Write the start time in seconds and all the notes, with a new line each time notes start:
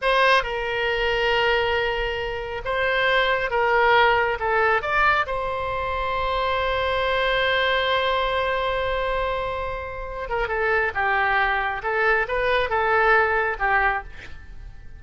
0.01 C5
0.43 A#4
2.64 C5
3.50 A#4
4.39 A4
4.82 D5
5.26 C5
10.29 A#4
10.48 A4
10.94 G4
11.82 A4
12.28 B4
12.69 A4
13.59 G4